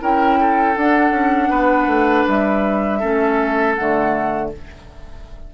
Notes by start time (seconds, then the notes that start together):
0.00 C#4 E4 A#4 G5
0.40 A4
0.77 D4 F#5
1.10 C#4
1.50 B3 B4
1.87 A3
2.27 G3 E5
3.00 A3 C#4 A4
3.75 D3 A3 F#5